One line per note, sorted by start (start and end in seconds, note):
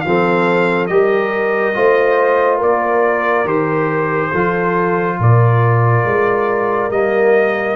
0.00 0.90 F3
0.00 0.86 F5
0.06 0.89 C4
0.06 0.91 A4
0.87 1.75 G3
0.87 1.74 G4
0.87 1.76 A#4
0.87 2.58 D#5
1.74 2.61 A3
1.74 3.46 F4
1.74 2.58 C5
2.58 3.45 A#3
2.58 4.29 A#4
2.58 3.47 D5
3.45 4.30 D#3
3.45 4.31 G4
3.45 5.19 C5
4.31 5.19 F3
4.31 6.92 F4
4.31 5.16 A4
5.19 6.04 A#2
5.19 7.76 A#4
5.19 6.91 D5
6.04 6.90 G#3
6.90 7.76 G3
6.90 7.76 A#3
6.90 7.76 D#5